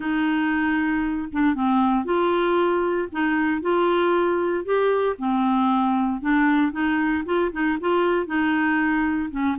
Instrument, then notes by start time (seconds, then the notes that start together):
clarinet
0.00 D#4
1.32 D4
1.54 C4
2.05 F4
3.12 D#4
3.61 F4
4.64 G4
5.18 C4
6.21 D4
6.72 D#4
7.25 F4
7.52 D#4
7.80 F4
8.26 D#4
9.31 C#4